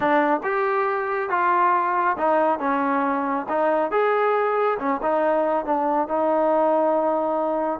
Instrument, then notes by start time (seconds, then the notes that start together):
trombone
0.00 D4
0.43 G4
1.29 F4
2.17 D#4
2.59 C#4
3.48 D#4
3.91 G#4
4.79 C#4
5.02 D#4
5.65 D4
6.08 D#4